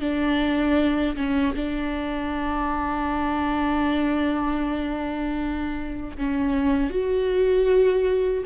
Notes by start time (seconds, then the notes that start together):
0.00 D4
1.16 C#4
1.55 D4
6.17 C#4
6.90 F#4